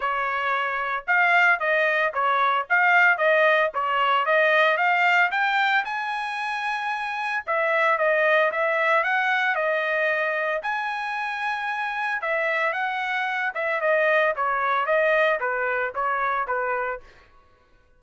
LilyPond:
\new Staff \with { instrumentName = "trumpet" } { \time 4/4 \tempo 4 = 113 cis''2 f''4 dis''4 | cis''4 f''4 dis''4 cis''4 | dis''4 f''4 g''4 gis''4~ | gis''2 e''4 dis''4 |
e''4 fis''4 dis''2 | gis''2. e''4 | fis''4. e''8 dis''4 cis''4 | dis''4 b'4 cis''4 b'4 | }